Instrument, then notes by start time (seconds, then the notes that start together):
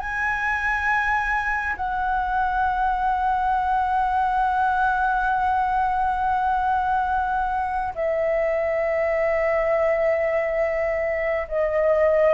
flute
0.00 G#5
1.77 F#5
7.95 E5
11.48 D#5